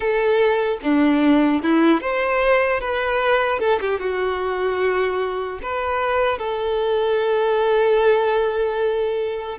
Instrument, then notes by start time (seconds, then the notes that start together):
violin
0.00 A4
0.83 D4
1.63 E4
2.00 C5
2.80 B4
3.59 A4
3.80 G4
3.99 F#4
5.62 B4
6.38 A4